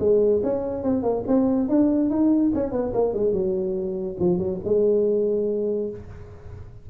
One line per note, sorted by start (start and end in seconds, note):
0.00 0.42 G#3
0.44 0.84 C#4
0.84 1.03 C4
1.03 1.24 A#3
1.28 1.69 C4
1.69 2.10 D4
2.10 2.52 D#4
2.55 2.72 C#4
2.72 2.93 B3
2.94 3.14 A#3
3.14 3.33 G#3
3.33 4.17 F#3
4.19 4.38 F3
4.38 4.59 F#3
4.65 5.90 G#3